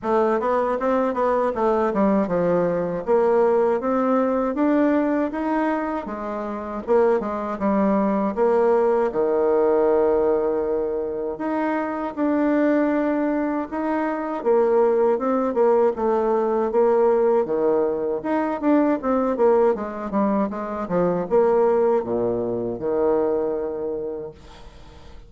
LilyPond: \new Staff \with { instrumentName = "bassoon" } { \time 4/4 \tempo 4 = 79 a8 b8 c'8 b8 a8 g8 f4 | ais4 c'4 d'4 dis'4 | gis4 ais8 gis8 g4 ais4 | dis2. dis'4 |
d'2 dis'4 ais4 | c'8 ais8 a4 ais4 dis4 | dis'8 d'8 c'8 ais8 gis8 g8 gis8 f8 | ais4 ais,4 dis2 | }